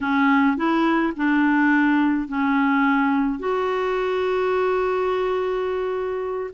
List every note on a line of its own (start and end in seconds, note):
0.01 0.56 C#4
0.56 1.13 E4
1.16 2.28 D4
2.28 3.39 C#4
3.39 6.50 F#4